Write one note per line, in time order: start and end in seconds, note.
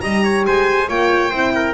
0.00 0.46 G3
0.00 0.87 G4
0.00 0.24 D#5
0.00 0.44 A#5
0.24 0.45 C#5
0.46 0.88 G#3
0.46 0.88 C5
0.46 0.89 G#5
0.88 1.31 A#3
0.88 1.32 F4
0.88 1.30 C#5
0.88 1.74 G5
1.30 1.74 C4
1.30 1.74 E4
1.30 1.52 C5
1.55 1.74 A#4